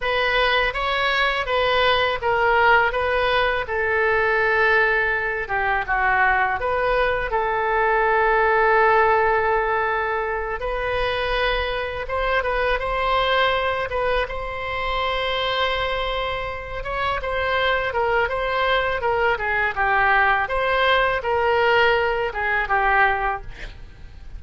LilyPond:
\new Staff \with { instrumentName = "oboe" } { \time 4/4 \tempo 4 = 82 b'4 cis''4 b'4 ais'4 | b'4 a'2~ a'8 g'8 | fis'4 b'4 a'2~ | a'2~ a'8 b'4.~ |
b'8 c''8 b'8 c''4. b'8 c''8~ | c''2. cis''8 c''8~ | c''8 ais'8 c''4 ais'8 gis'8 g'4 | c''4 ais'4. gis'8 g'4 | }